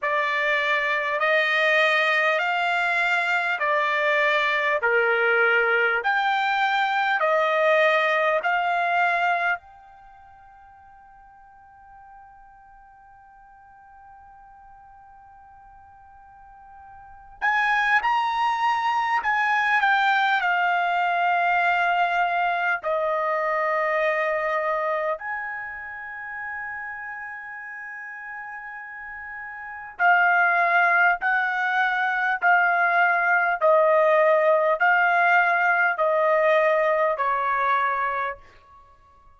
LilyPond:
\new Staff \with { instrumentName = "trumpet" } { \time 4/4 \tempo 4 = 50 d''4 dis''4 f''4 d''4 | ais'4 g''4 dis''4 f''4 | g''1~ | g''2~ g''8 gis''8 ais''4 |
gis''8 g''8 f''2 dis''4~ | dis''4 gis''2.~ | gis''4 f''4 fis''4 f''4 | dis''4 f''4 dis''4 cis''4 | }